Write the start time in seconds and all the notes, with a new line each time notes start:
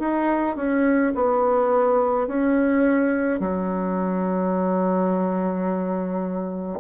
0.00 D#4
0.57 C#4
1.15 B3
2.27 C#4
3.40 F#3